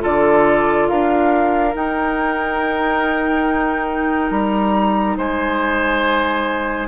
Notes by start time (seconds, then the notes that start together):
0.00 D3 F4 A4 D5
0.89 D4 A#4 F5
1.74 D#4 G5
4.30 G3 A#5
5.17 G#3 C5 G#5